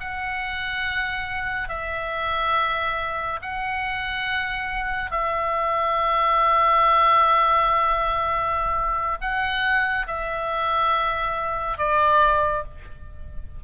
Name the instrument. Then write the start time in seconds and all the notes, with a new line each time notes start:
oboe
0.00 F#5
1.68 E5
3.42 F#5
5.10 E5
9.21 F#5
10.07 E5
11.78 D5